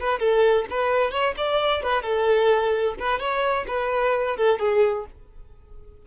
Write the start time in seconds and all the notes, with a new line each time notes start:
0.00 B4
0.19 A4
0.70 B4
1.11 C#5
1.37 D5
1.83 B4
2.03 A4
2.99 B4
3.20 C#5
3.68 B4
4.37 A4
4.59 G#4